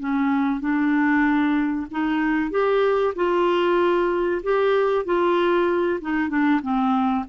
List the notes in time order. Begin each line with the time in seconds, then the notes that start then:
0.00 C#4
0.61 D4
1.91 D#4
2.51 G4
3.16 F4
4.43 G4
5.06 F4
6.01 D#4
6.29 D4
6.62 C4